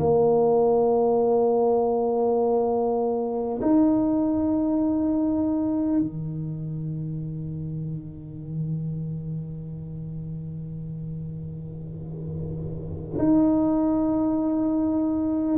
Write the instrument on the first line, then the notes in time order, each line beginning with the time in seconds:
tuba
0.00 A#3
3.62 D#4
6.00 D#3
13.19 D#4